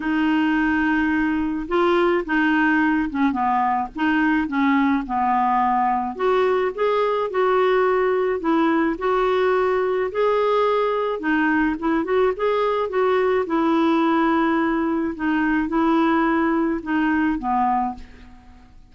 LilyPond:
\new Staff \with { instrumentName = "clarinet" } { \time 4/4 \tempo 4 = 107 dis'2. f'4 | dis'4. cis'8 b4 dis'4 | cis'4 b2 fis'4 | gis'4 fis'2 e'4 |
fis'2 gis'2 | dis'4 e'8 fis'8 gis'4 fis'4 | e'2. dis'4 | e'2 dis'4 b4 | }